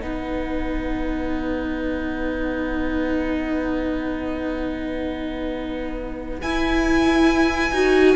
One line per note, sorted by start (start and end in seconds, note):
0.00 6.41 B3
0.00 6.40 D#4
0.00 8.16 B4
0.00 6.42 F#5
6.42 7.71 E4
6.42 7.74 E4
6.42 8.16 G#5
7.71 8.15 D#4
7.71 8.16 F#4